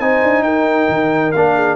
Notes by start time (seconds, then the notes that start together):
0.00 C4 D#4 C5 G#5
0.23 D4
0.43 D#4 A#4 G5
0.89 D#3
1.32 A#3 D4 F5
1.56 G#4